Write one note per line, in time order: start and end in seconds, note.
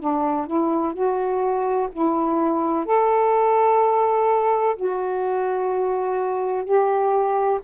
0.00 0.47 D4
0.47 0.93 E4
0.93 1.88 F#4
1.92 2.85 E4
2.85 4.76 A4
4.76 6.65 F#4
6.65 7.60 G4